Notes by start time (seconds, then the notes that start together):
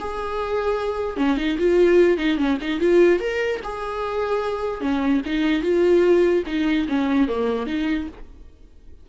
0.00 G#4
1.17 C#4
1.37 D#4
1.58 F4
2.18 D#4
2.38 C#4
2.61 D#4
2.80 F4
3.20 A#4
3.64 G#4
4.81 C#4
5.26 D#4
5.63 F4
6.47 D#4
6.88 C#4
7.28 A#3
7.67 D#4